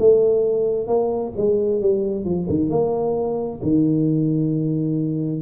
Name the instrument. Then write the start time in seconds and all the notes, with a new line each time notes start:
tuba
0.00 A3
0.88 A#3
1.37 G#3
1.82 G3
2.26 F3
2.50 D#3
2.70 A#3
3.63 D#3